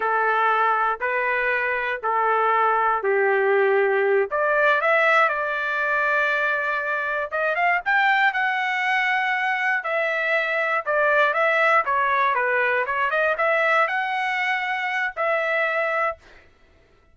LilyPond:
\new Staff \with { instrumentName = "trumpet" } { \time 4/4 \tempo 4 = 119 a'2 b'2 | a'2 g'2~ | g'8 d''4 e''4 d''4.~ | d''2~ d''8 dis''8 f''8 g''8~ |
g''8 fis''2. e''8~ | e''4. d''4 e''4 cis''8~ | cis''8 b'4 cis''8 dis''8 e''4 fis''8~ | fis''2 e''2 | }